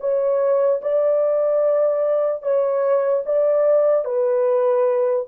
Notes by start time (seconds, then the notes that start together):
0.00 C#5
0.82 D5
2.42 C#5
3.26 D5
4.05 B4